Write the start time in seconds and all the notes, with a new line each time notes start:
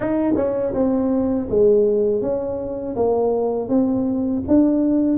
0.00 D#4
0.36 C#4
0.73 C4
1.49 G#3
2.21 C#4
2.96 A#3
3.68 C4
4.47 D4